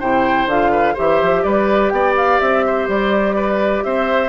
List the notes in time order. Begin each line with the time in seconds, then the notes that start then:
0.00 C3 E4 C5 G5
0.47 D3 F4 F5
0.72 B4
0.94 E3 G4 C5 E5
1.22 F3
1.43 G3 B4 D5
1.90 B3 D5 G5
2.17 F5
2.41 C4 E5
2.66 C5
2.89 G3 D5
3.36 B4
3.84 C4 C5 E5